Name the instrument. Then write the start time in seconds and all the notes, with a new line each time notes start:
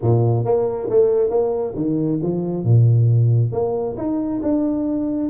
tuba
0.01 A#2
0.44 A#3
0.89 A3
1.30 A#3
1.75 D#3
2.22 F3
2.64 A#2
3.52 A#3
3.97 D#4
4.42 D4